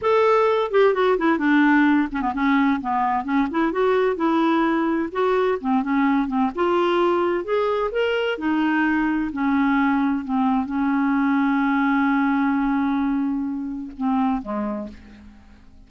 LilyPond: \new Staff \with { instrumentName = "clarinet" } { \time 4/4 \tempo 4 = 129 a'4. g'8 fis'8 e'8 d'4~ | d'8 cis'16 b16 cis'4 b4 cis'8 e'8 | fis'4 e'2 fis'4 | c'8 cis'4 c'8 f'2 |
gis'4 ais'4 dis'2 | cis'2 c'4 cis'4~ | cis'1~ | cis'2 c'4 gis4 | }